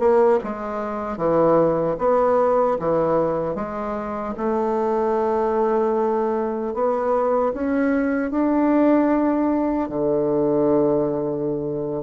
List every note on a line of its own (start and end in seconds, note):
0.00 0.39 A#3
0.44 1.17 G#3
1.17 1.96 E3
1.99 2.78 B3
2.80 3.56 E3
3.56 4.35 G#3
4.37 6.74 A3
6.74 7.53 B3
7.54 8.31 C#4
8.31 9.89 D4
9.89 12.04 D3